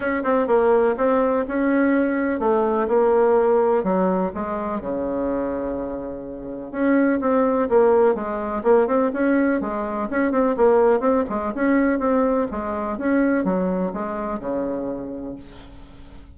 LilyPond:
\new Staff \with { instrumentName = "bassoon" } { \time 4/4 \tempo 4 = 125 cis'8 c'8 ais4 c'4 cis'4~ | cis'4 a4 ais2 | fis4 gis4 cis2~ | cis2 cis'4 c'4 |
ais4 gis4 ais8 c'8 cis'4 | gis4 cis'8 c'8 ais4 c'8 gis8 | cis'4 c'4 gis4 cis'4 | fis4 gis4 cis2 | }